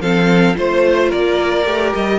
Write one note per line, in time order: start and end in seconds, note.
0.00 0.55 F3
0.00 0.55 C4
0.00 0.56 A4
0.00 0.55 F5
0.55 1.12 A3
0.55 1.64 F4
0.55 1.11 C5
0.55 1.09 C5
1.09 1.66 A#3
1.09 2.18 A#4
1.09 1.93 D5
1.64 1.93 A3
1.64 2.19 G4
1.94 2.19 G3
1.94 2.19 D#5